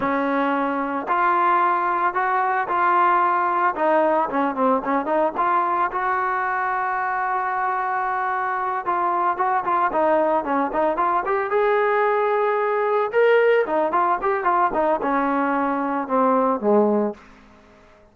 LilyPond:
\new Staff \with { instrumentName = "trombone" } { \time 4/4 \tempo 4 = 112 cis'2 f'2 | fis'4 f'2 dis'4 | cis'8 c'8 cis'8 dis'8 f'4 fis'4~ | fis'1~ |
fis'8 f'4 fis'8 f'8 dis'4 cis'8 | dis'8 f'8 g'8 gis'2~ gis'8~ | gis'8 ais'4 dis'8 f'8 g'8 f'8 dis'8 | cis'2 c'4 gis4 | }